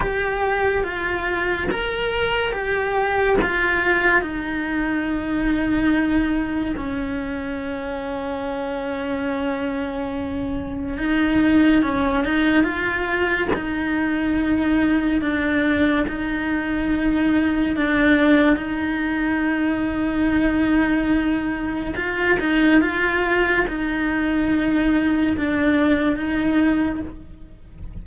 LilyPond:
\new Staff \with { instrumentName = "cello" } { \time 4/4 \tempo 4 = 71 g'4 f'4 ais'4 g'4 | f'4 dis'2. | cis'1~ | cis'4 dis'4 cis'8 dis'8 f'4 |
dis'2 d'4 dis'4~ | dis'4 d'4 dis'2~ | dis'2 f'8 dis'8 f'4 | dis'2 d'4 dis'4 | }